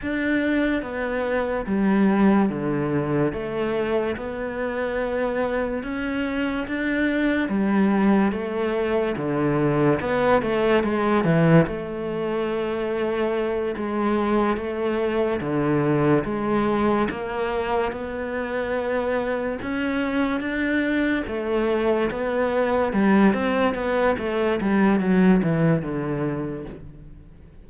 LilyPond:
\new Staff \with { instrumentName = "cello" } { \time 4/4 \tempo 4 = 72 d'4 b4 g4 d4 | a4 b2 cis'4 | d'4 g4 a4 d4 | b8 a8 gis8 e8 a2~ |
a8 gis4 a4 d4 gis8~ | gis8 ais4 b2 cis'8~ | cis'8 d'4 a4 b4 g8 | c'8 b8 a8 g8 fis8 e8 d4 | }